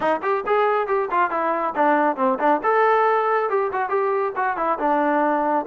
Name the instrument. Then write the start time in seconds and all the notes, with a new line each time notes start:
trombone
0.00 D#4
0.22 G4
0.46 G#4
0.87 G4
1.11 F4
1.30 E4
1.75 D4
2.16 C4
2.39 D4
2.63 A4
3.49 G4
3.72 F#4
3.89 G4
4.35 F#4
4.56 E4
4.78 D4